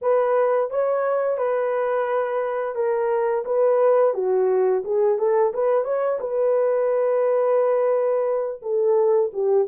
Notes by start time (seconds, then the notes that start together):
0.01 B4
0.70 C#5
1.37 B4
2.75 A#4
3.45 B4
4.13 F#4
4.84 G#4
5.18 A4
5.53 B4
5.84 C#5
6.20 B4
8.62 A4
9.33 G4